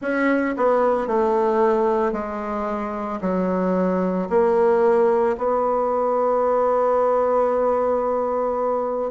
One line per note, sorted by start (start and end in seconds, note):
0.01 0.55 C#4
0.56 1.07 B3
1.07 2.12 A3
2.12 3.19 G#3
3.21 4.28 F#3
4.29 5.36 A#3
5.37 9.11 B3